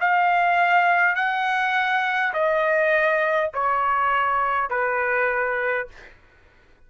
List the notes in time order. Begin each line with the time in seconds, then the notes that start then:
0.00 F5
1.15 F#5
2.33 D#5
3.53 C#5
4.70 B4